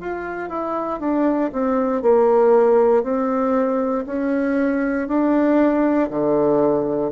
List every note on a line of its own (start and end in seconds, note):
0.00 0.49 F4
0.49 1.00 E4
1.00 1.51 D4
1.53 2.02 C4
2.02 3.03 A#3
3.03 4.05 C4
4.06 5.08 C#4
5.08 6.10 D4
6.10 7.12 D3